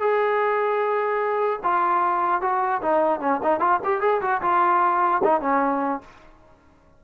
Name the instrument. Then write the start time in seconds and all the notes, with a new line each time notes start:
trombone
0.00 G#4
1.64 F4
2.42 F#4
2.82 D#4
3.21 C#4
3.43 D#4
3.60 F4
3.85 G4
4.01 G#4
4.22 F#4
4.42 F4
5.24 D#4
5.41 C#4